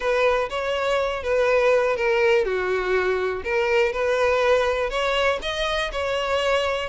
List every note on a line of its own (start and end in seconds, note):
0.00 0.49 B4
0.49 1.23 C#5
1.23 1.96 B4
1.96 2.45 A#4
2.45 3.43 F#4
3.43 3.92 A#4
3.92 4.90 B4
4.90 5.39 C#5
5.42 5.91 D#5
5.92 6.89 C#5